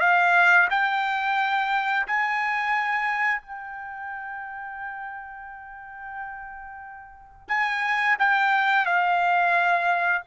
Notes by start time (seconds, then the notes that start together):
0.00 F5
0.70 G5
2.07 G#5
3.42 G5
7.48 G#5
8.19 G5
8.85 F5